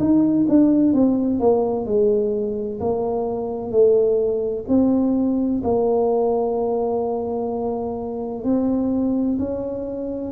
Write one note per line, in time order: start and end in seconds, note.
0.00 0.47 D#4
0.49 0.93 D4
0.93 1.40 C4
1.40 1.86 A#3
1.86 2.80 G#3
2.80 3.72 A#3
3.72 4.65 A3
4.68 5.62 C4
5.64 8.44 A#3
8.44 9.38 C4
9.39 10.32 C#4